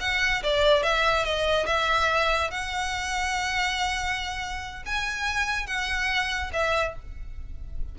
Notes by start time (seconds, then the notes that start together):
0.00 F#5
0.43 D5
0.83 E5
1.25 D#5
1.66 E5
2.50 F#5
4.86 G#5
5.66 F#5
6.53 E5